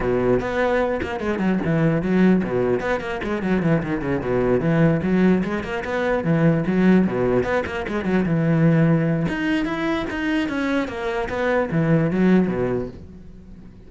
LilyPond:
\new Staff \with { instrumentName = "cello" } { \time 4/4 \tempo 4 = 149 b,4 b4. ais8 gis8 fis8 | e4 fis4 b,4 b8 ais8 | gis8 fis8 e8 dis8 cis8 b,4 e8~ | e8 fis4 gis8 ais8 b4 e8~ |
e8 fis4 b,4 b8 ais8 gis8 | fis8 e2~ e8 dis'4 | e'4 dis'4 cis'4 ais4 | b4 e4 fis4 b,4 | }